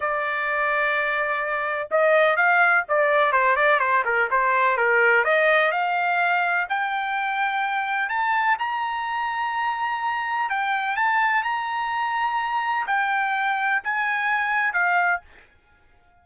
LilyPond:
\new Staff \with { instrumentName = "trumpet" } { \time 4/4 \tempo 4 = 126 d''1 | dis''4 f''4 d''4 c''8 d''8 | c''8 ais'8 c''4 ais'4 dis''4 | f''2 g''2~ |
g''4 a''4 ais''2~ | ais''2 g''4 a''4 | ais''2. g''4~ | g''4 gis''2 f''4 | }